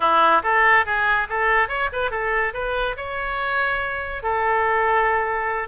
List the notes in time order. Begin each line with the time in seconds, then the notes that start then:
0.00 E4
0.43 A4
0.85 G#4
1.29 A4
1.68 C#5
1.92 B4
2.10 A4
2.53 B4
2.96 C#5
4.22 A4